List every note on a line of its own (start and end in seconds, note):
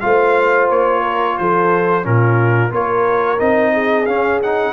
0.00 0.70 A3
0.00 2.02 F4
0.00 1.02 C5
0.00 0.67 F5
0.70 1.38 A#3
0.70 1.37 C#5
1.02 1.35 A#4
1.37 2.05 F3
1.37 2.05 A4
1.37 2.05 C5
2.02 2.71 A#2
2.02 2.70 C#4
2.02 2.72 F4
2.02 2.73 A#4
2.70 3.38 A#3
2.70 3.38 F4
2.70 3.73 A#4
2.70 3.39 C#5
3.38 4.07 C4
3.38 4.06 D#4
3.38 4.06 D#5
3.73 4.73 G#4
4.06 4.73 C#4
4.06 4.42 C#4
4.06 4.39 F5
4.42 4.73 D#4
4.42 4.73 F#5